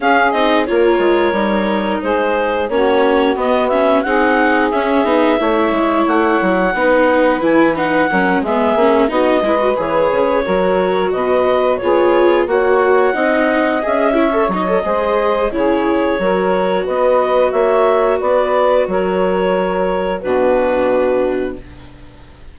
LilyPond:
<<
  \new Staff \with { instrumentName = "clarinet" } { \time 4/4 \tempo 4 = 89 f''8 dis''8 cis''2 c''4 | cis''4 dis''8 e''8 fis''4 e''4~ | e''4 fis''2 gis''8 fis''8~ | fis''8 e''4 dis''4 cis''4.~ |
cis''8 dis''4 cis''4 fis''4.~ | fis''8 e''4 dis''4. cis''4~ | cis''4 dis''4 e''4 d''4 | cis''2 b'2 | }
  \new Staff \with { instrumentName = "saxophone" } { \time 4/4 gis'4 ais'2 gis'4 | fis'2 gis'2 | cis''2 b'2 | ais'8 gis'4 fis'8 b'4. ais'8~ |
ais'8 b'4 gis'4 cis''4 dis''8~ | dis''4 cis''4 c''4 gis'4 | ais'4 b'4 cis''4 b'4 | ais'2 fis'2 | }
  \new Staff \with { instrumentName = "viola" } { \time 4/4 cis'8 dis'8 f'4 dis'2 | cis'4 b8 cis'8 dis'4 cis'8 dis'8 | e'2 dis'4 e'8 dis'8 | cis'8 b8 cis'8 dis'8 e'16 fis'16 gis'4 fis'8~ |
fis'4. f'4 fis'4 dis'8~ | dis'8 gis'8 e'16 a'16 dis'16 a'16 gis'4 e'4 | fis'1~ | fis'2 d'2 | }
  \new Staff \with { instrumentName = "bassoon" } { \time 4/4 cis'8 c'8 ais8 gis8 g4 gis4 | ais4 b4 c'4 cis'8 b8 | a8 gis8 a8 fis8 b4 e4 | fis8 gis8 ais8 b8 gis8 e8 cis8 fis8~ |
fis8 b,4 b4 ais4 c'8~ | c'8 cis'4 fis8 gis4 cis4 | fis4 b4 ais4 b4 | fis2 b,2 | }
>>